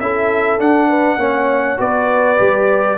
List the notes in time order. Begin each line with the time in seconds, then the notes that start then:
0.00 C#4 E4 A4 E5
0.59 D4 F#5
0.89 B4
1.18 A#3 C#4 C#5
1.78 B3 F#4 B4 D5
2.38 G3 G4